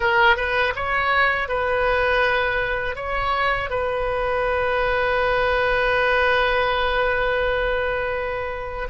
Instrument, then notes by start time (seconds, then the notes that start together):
oboe
0.00 A#4
0.36 B4
0.75 C#5
1.48 B4
2.95 C#5
3.70 B4